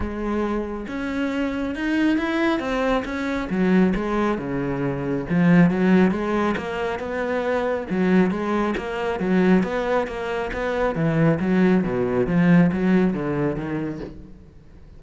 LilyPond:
\new Staff \with { instrumentName = "cello" } { \time 4/4 \tempo 4 = 137 gis2 cis'2 | dis'4 e'4 c'4 cis'4 | fis4 gis4 cis2 | f4 fis4 gis4 ais4 |
b2 fis4 gis4 | ais4 fis4 b4 ais4 | b4 e4 fis4 b,4 | f4 fis4 d4 dis4 | }